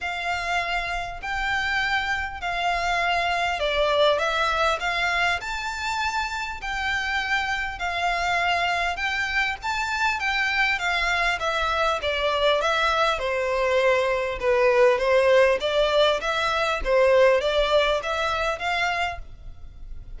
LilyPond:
\new Staff \with { instrumentName = "violin" } { \time 4/4 \tempo 4 = 100 f''2 g''2 | f''2 d''4 e''4 | f''4 a''2 g''4~ | g''4 f''2 g''4 |
a''4 g''4 f''4 e''4 | d''4 e''4 c''2 | b'4 c''4 d''4 e''4 | c''4 d''4 e''4 f''4 | }